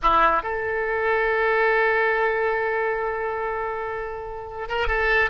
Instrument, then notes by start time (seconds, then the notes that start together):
oboe
0.02 E4
0.42 A4
4.68 A#4
4.87 A4